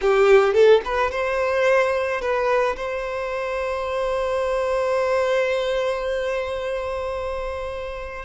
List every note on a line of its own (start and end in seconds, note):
0.01 0.53 G4
0.53 0.81 A4
0.84 1.11 B4
1.11 2.21 C5
2.21 2.76 B4
2.76 8.25 C5